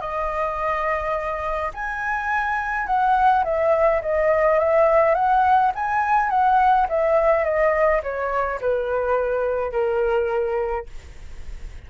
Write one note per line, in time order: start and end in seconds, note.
0.00 1.71 D#5
1.74 2.86 G#5
2.86 3.43 F#5
3.44 4.01 E5
4.02 4.59 D#5
4.59 5.15 E5
5.15 5.72 F#5
5.75 6.30 G#5
6.30 6.87 F#5
6.89 7.44 E5
7.44 8.01 D#5
8.03 8.60 C#5
8.61 9.72 B4
9.72 10.86 A#4